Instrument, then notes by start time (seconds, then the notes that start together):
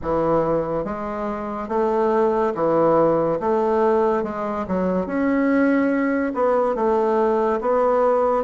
bassoon
0.02 E3
0.84 G#3
1.68 A3
2.55 E3
3.40 A3
4.23 G#3
4.67 F#3
5.06 C#4
6.34 B3
6.75 A3
7.60 B3